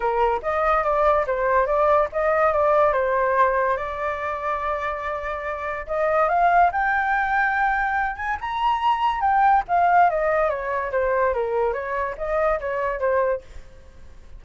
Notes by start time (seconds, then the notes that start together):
0.00 A#4
0.42 D#5
0.83 D5
1.26 C5
1.66 D5
2.12 D#5
2.52 D5
2.92 C5
3.76 D5
5.86 D#5
6.29 F5
6.72 G5
8.16 G#5
8.40 A#5
9.20 G5
9.68 F5
10.09 D#5
10.49 C#5
10.91 C5
11.33 A#4
11.73 C#5
12.17 D#5
12.60 C#5
12.99 C5